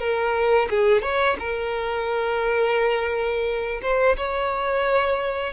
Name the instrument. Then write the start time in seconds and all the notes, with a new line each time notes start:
violin
0.00 A#4
0.71 G#4
1.02 C#5
1.40 A#4
3.82 C5
4.17 C#5